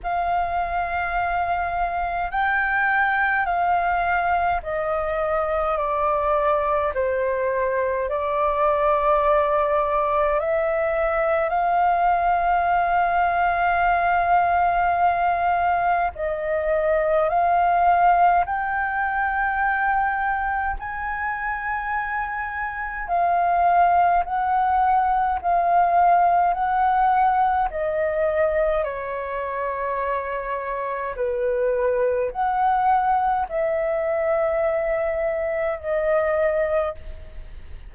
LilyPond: \new Staff \with { instrumentName = "flute" } { \time 4/4 \tempo 4 = 52 f''2 g''4 f''4 | dis''4 d''4 c''4 d''4~ | d''4 e''4 f''2~ | f''2 dis''4 f''4 |
g''2 gis''2 | f''4 fis''4 f''4 fis''4 | dis''4 cis''2 b'4 | fis''4 e''2 dis''4 | }